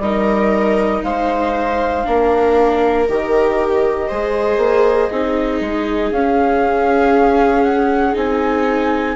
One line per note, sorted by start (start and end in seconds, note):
0.00 1.02 G3
0.00 2.05 D#4
0.00 1.05 A#4
0.00 1.03 D#5
1.03 2.06 G#3
1.03 2.07 C5
1.03 3.07 F5
2.05 3.09 A#3
2.05 3.07 D4
2.05 4.08 A#4
3.07 4.11 D#3
3.07 4.11 G4
3.07 6.12 D#5
4.08 4.58 G#3
4.08 5.12 G#4
4.08 5.10 C5
4.58 5.08 A#3
5.10 5.61 C4
5.10 6.14 D#4
5.10 9.16 G#4
5.61 6.12 G#3
6.12 8.15 C#4
6.12 8.14 C#4
6.12 7.64 F5
7.64 8.14 F#5
8.14 9.16 C4
8.14 9.15 D#4
8.14 9.16 G#5